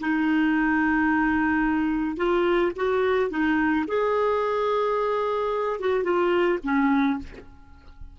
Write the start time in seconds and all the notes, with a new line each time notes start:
0.00 D#4
2.17 F4
2.75 F#4
3.30 D#4
3.87 G#4
5.80 F#4
6.04 F4
6.63 C#4